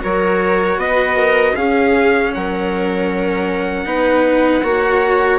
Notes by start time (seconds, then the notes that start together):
0.00 F#3 F#4 A#4 C#5
0.77 B3 B4 D#5
1.16 A#4
1.55 C#4 G#4 F5
2.34 F#3 A#4 F#5
3.85 B3 D#4 B4
4.63 A#3 F#4 C#5